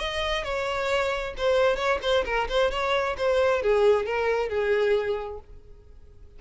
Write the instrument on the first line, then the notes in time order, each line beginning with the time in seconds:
violin
0.00 D#5
0.44 C#5
1.38 C5
1.76 C#5
2.02 C5
2.26 A#4
2.49 C5
2.71 C#5
3.18 C5
3.63 G#4
4.06 A#4
4.49 G#4